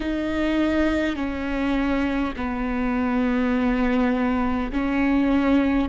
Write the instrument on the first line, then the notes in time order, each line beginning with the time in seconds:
viola
0.00 D#4
1.16 C#4
2.36 B3
4.72 C#4